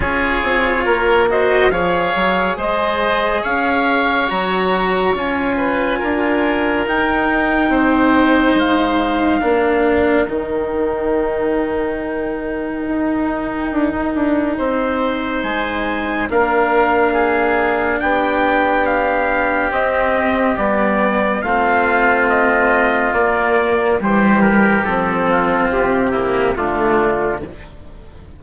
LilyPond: <<
  \new Staff \with { instrumentName = "trumpet" } { \time 4/4 \tempo 4 = 70 cis''4. dis''8 f''4 dis''4 | f''4 ais''4 gis''2 | g''2 f''2 | g''1~ |
g''2 gis''4 f''4~ | f''4 g''4 f''4 dis''4 | d''4 f''4 dis''4 d''4 | c''8 ais'8 a'4 g'4 f'4 | }
  \new Staff \with { instrumentName = "oboe" } { \time 4/4 gis'4 ais'8 c''8 cis''4 c''4 | cis''2~ cis''8 b'8 ais'4~ | ais'4 c''2 ais'4~ | ais'1~ |
ais'4 c''2 ais'4 | gis'4 g'2.~ | g'4 f'2. | g'4. f'4 e'8 d'4 | }
  \new Staff \with { instrumentName = "cello" } { \time 4/4 f'4. fis'8 gis'2~ | gis'4 fis'4 f'2 | dis'2. d'4 | dis'1~ |
dis'2. d'4~ | d'2. c'4 | b4 c'2 ais4 | g4 c'4. ais8 a4 | }
  \new Staff \with { instrumentName = "bassoon" } { \time 4/4 cis'8 c'8 ais4 f8 fis8 gis4 | cis'4 fis4 cis'4 d'4 | dis'4 c'4 gis4 ais4 | dis2. dis'4 |
d'16 dis'16 d'8 c'4 gis4 ais4~ | ais4 b2 c'4 | g4 a2 ais4 | e4 f4 c4 d4 | }
>>